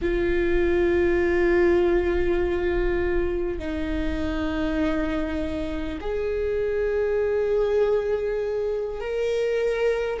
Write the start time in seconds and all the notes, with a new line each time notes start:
0.01 F4
3.58 D#4
6.00 G#4
9.00 A#4